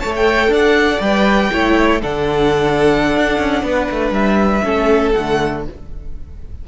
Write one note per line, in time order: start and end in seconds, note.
0.00 0.49 A3
0.00 1.01 A4
0.00 0.50 C#5
0.00 0.12 A5
0.16 0.54 G5
0.49 0.99 D4
0.49 1.52 D5
0.49 1.01 F#5
1.01 1.51 G3
1.01 1.51 B4
1.01 2.01 G5
1.52 2.03 A3
1.52 2.02 E4
1.52 2.01 C#5
2.01 3.17 D3
2.01 4.63 D4
2.01 3.64 A4
2.01 4.14 F#5
3.17 3.38 D4
3.38 3.63 C#4
3.63 3.88 B3
3.63 4.65 B4
3.91 4.11 A3
4.11 4.61 G3
4.11 5.12 E5
4.63 5.15 A3
4.63 5.13 C#4
4.63 5.65 A4
5.12 5.68 D3
5.12 5.67 A3
5.12 5.62 F#5